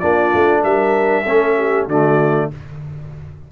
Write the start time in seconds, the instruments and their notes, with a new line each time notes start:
0.00 tuba A#3, trombone D4, horn F4, trumpet D5
0.35 tuba A3
0.64 tuba G3, horn A#4, trumpet E5
1.25 tuba A3, trombone C#4, horn A4
1.57 horn G4
1.87 tuba D3, trombone A3, horn F#4, trumpet D5